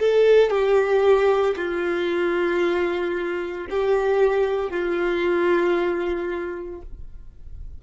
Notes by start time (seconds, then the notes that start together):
0.00 A4
0.50 G4
1.57 F4
3.70 G4
4.71 F4